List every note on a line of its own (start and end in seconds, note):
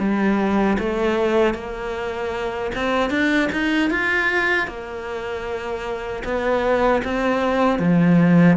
0.00 0.78 G3
0.80 1.55 A3
1.55 2.72 A#3
2.76 3.11 C4
3.11 3.50 D4
3.53 3.91 D#4
3.91 4.68 F4
4.68 6.24 A#3
6.24 7.02 B3
7.05 7.80 C4
7.80 8.57 F3